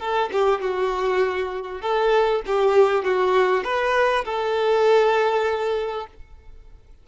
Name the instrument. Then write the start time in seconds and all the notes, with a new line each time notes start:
violin
0.00 A4
0.33 G4
0.61 F#4
1.82 A4
2.47 G4
3.04 F#4
3.64 B4
4.25 A4